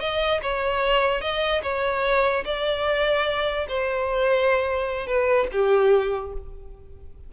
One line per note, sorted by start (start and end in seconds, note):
0.00 0.41 D#5
0.42 1.21 C#5
1.21 1.62 D#5
1.63 2.44 C#5
2.45 3.67 D5
3.68 5.07 C5
5.07 5.47 B4
5.52 6.33 G4